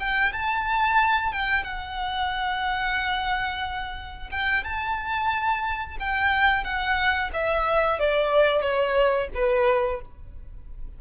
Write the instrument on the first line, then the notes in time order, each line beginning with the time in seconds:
violin
0.00 G5
0.33 A5
1.33 G5
1.64 F#5
4.32 G5
4.65 A5
6.00 G5
6.64 F#5
7.34 E5
8.00 D5
8.62 C#5
9.35 B4